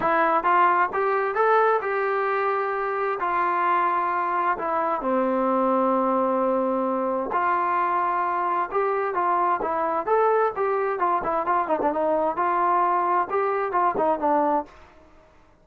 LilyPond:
\new Staff \with { instrumentName = "trombone" } { \time 4/4 \tempo 4 = 131 e'4 f'4 g'4 a'4 | g'2. f'4~ | f'2 e'4 c'4~ | c'1 |
f'2. g'4 | f'4 e'4 a'4 g'4 | f'8 e'8 f'8 dis'16 d'16 dis'4 f'4~ | f'4 g'4 f'8 dis'8 d'4 | }